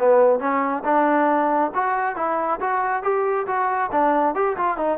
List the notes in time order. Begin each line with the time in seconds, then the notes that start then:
0.00 B3
0.40 C#4
0.85 D4
1.75 F#4
2.17 E4
2.61 F#4
3.03 G4
3.47 F#4
3.92 D4
4.35 G4
4.57 F4
4.78 D#4